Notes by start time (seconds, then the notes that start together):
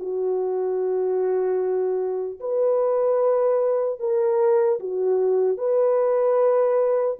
0.00 F#4
2.41 B4
4.00 A#4
4.80 F#4
5.58 B4